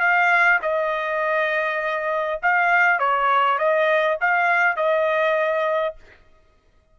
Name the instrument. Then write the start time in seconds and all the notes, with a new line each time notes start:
trumpet
0.00 F5
0.62 D#5
2.42 F5
2.99 C#5
3.58 D#5
4.21 F5
4.76 D#5